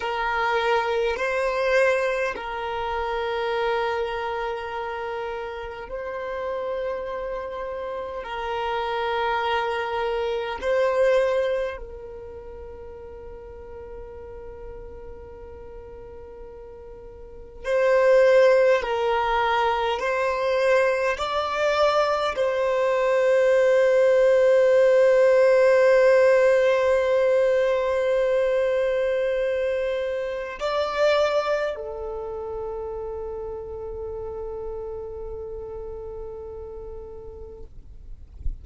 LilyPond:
\new Staff \with { instrumentName = "violin" } { \time 4/4 \tempo 4 = 51 ais'4 c''4 ais'2~ | ais'4 c''2 ais'4~ | ais'4 c''4 ais'2~ | ais'2. c''4 |
ais'4 c''4 d''4 c''4~ | c''1~ | c''2 d''4 a'4~ | a'1 | }